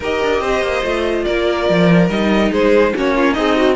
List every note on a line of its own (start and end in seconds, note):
0.00 0.21 D#4
0.00 0.83 G4
0.00 0.41 A#4
0.00 1.24 D#5
0.22 0.40 D4
0.40 0.61 C4
0.40 1.25 C5
0.61 0.82 A#3
0.83 1.25 A3
0.83 2.09 F4
1.24 1.69 A#3
1.24 2.51 A#4
1.24 2.08 D5
1.69 2.09 F3
2.09 2.51 G3
2.09 2.94 D#4
2.09 2.52 D#5
2.51 2.93 G#3
2.51 2.93 G#4
2.51 2.95 C5
2.95 3.37 A#3
2.95 3.36 C#4
2.95 3.15 F#4
2.95 3.33 C#5
3.15 3.33 F4
3.33 3.75 C4
3.33 3.75 D#4
3.33 3.56 G#4
3.33 3.75 D#5
3.56 3.75 F#4